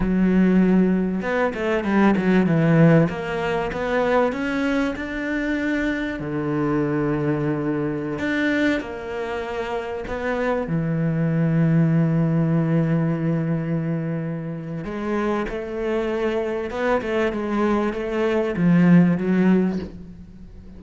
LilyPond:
\new Staff \with { instrumentName = "cello" } { \time 4/4 \tempo 4 = 97 fis2 b8 a8 g8 fis8 | e4 ais4 b4 cis'4 | d'2 d2~ | d4~ d16 d'4 ais4.~ ais16~ |
ais16 b4 e2~ e8.~ | e1 | gis4 a2 b8 a8 | gis4 a4 f4 fis4 | }